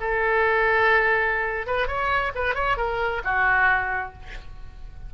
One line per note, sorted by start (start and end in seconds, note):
0.00 1.66 A4
1.66 1.87 B4
1.87 2.32 C#5
2.35 2.55 B4
2.55 2.77 C#5
2.77 3.21 A#4
3.24 4.13 F#4